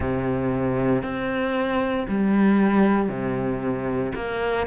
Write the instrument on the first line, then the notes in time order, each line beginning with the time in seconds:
cello
0.00 C3
1.03 C4
2.08 G3
3.08 C3
4.15 A#3